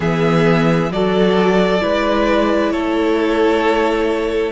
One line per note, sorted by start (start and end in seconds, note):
0.00 0.90 E3
0.00 0.90 B3
0.00 0.90 G#4
0.00 0.92 E5
0.90 1.81 F#3
0.90 1.80 F#4
0.90 1.83 A4
0.90 2.71 D5
1.80 2.73 G#3
1.80 4.52 E4
1.80 2.73 B4
2.71 4.52 A3
2.71 4.52 A4
2.71 4.52 C#5